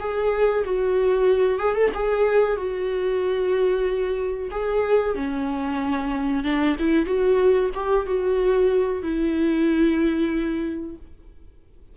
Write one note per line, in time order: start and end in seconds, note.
0.00 0.65 G#4
0.65 1.59 F#4
1.59 1.75 G#4
1.75 1.91 A4
1.94 2.57 G#4
2.57 4.50 F#4
4.51 5.15 G#4
5.15 6.44 C#4
6.44 6.76 D4
6.79 7.06 E4
7.06 7.71 F#4
7.74 8.07 G4
8.07 9.03 F#4
9.03 10.96 E4